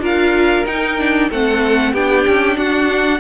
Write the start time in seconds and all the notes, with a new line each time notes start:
0.00 D4 F4 A#4 F5
0.66 D#4 G5
0.99 D4
1.30 A3 C4 A4 F#5
1.93 B3 D4 G4 G5
2.27 C#4
2.57 D4 F#4 F#5